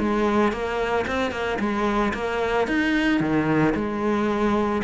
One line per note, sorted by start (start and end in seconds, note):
0.00 0.53 G#3
0.53 1.06 A#3
1.08 1.32 C4
1.32 1.59 A#3
1.60 2.13 G#3
2.14 2.68 A#3
2.68 3.21 D#4
3.21 3.74 D#3
3.75 4.83 G#3